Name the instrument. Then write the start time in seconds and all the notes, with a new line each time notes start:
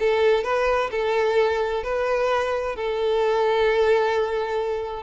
violin
0.00 A4
0.44 B4
0.91 A4
1.84 B4
2.76 A4